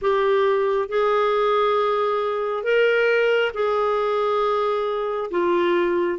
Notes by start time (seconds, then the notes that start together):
0.01 G4
0.88 G#4
2.63 A#4
3.53 G#4
5.31 F4